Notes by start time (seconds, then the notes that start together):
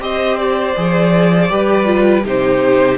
0.00 C4 G4 C5 D#5
0.38 D5
0.76 F3 G#4
1.49 G3 G4 B4
1.84 F4
2.24 C3 D#4 G4 C5